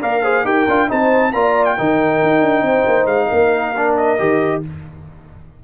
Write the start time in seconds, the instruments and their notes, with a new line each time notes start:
0.00 tuba A#3, trombone A#4, horn D5, trumpet F5
0.22 trombone G#4, horn C5
0.44 tuba D#4, trombone G4, horn A#4, trumpet G5
0.68 tuba D4, trombone F4
0.88 tuba C4, trombone D#4, horn C5, trumpet A5
1.32 tuba A#3, trombone F4, horn D5, trumpet A#5
1.65 trumpet G5
1.77 tuba D#3, trombone D#4, horn A#4
2.22 tuba D#4
2.41 tuba D4
2.61 tuba C4, horn C5
2.86 tuba A#3
3.05 tuba G#3, trumpet F5
3.28 tuba A#3, horn A#4
3.76 trombone D4
3.96 trumpet D#5
4.18 tuba D#3, trombone G4